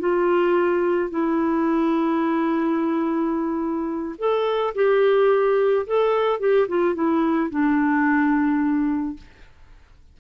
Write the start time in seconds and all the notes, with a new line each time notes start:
0.00 F4
1.10 E4
4.19 A4
4.75 G4
5.87 A4
6.40 G4
6.68 F4
6.95 E4
7.51 D4